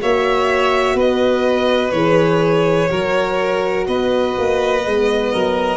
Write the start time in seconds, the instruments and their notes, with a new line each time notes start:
0.00 tuba A#3, horn F#4, violin C#5 E5
0.94 tuba B3, violin B4 D#5
1.91 tuba E3, horn G#4, violin C#5
2.88 tuba F#3, horn F#4, violin A#4
3.87 tuba B3, violin B4 D#5
4.37 tuba A#3
4.85 tuba G#3, horn B3
5.32 tuba F#3, violin A#4